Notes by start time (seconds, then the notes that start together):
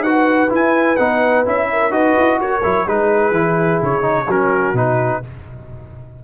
0.00 D#4 F#4 B4 F#5
0.50 E4 G#5
0.96 B3 D#4 F#5
1.46 C#4 E4 E5
1.73 A#4
1.90 D#4 F#4 B4 D#5
2.19 E4
2.40 F#4 A#4 C#5
2.64 F#3 E4
2.87 G#3 D#4 G#4 B4
3.32 E3 E4
3.83 C#3 C#5
4.02 D#4
4.27 F#3 C#4 F#4 A#4
4.73 B2 D#4 B4